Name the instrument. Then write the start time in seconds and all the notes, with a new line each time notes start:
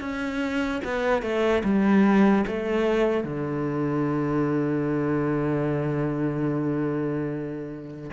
cello
0.00 C#4
0.84 B3
1.22 A3
1.64 G3
2.47 A3
3.23 D3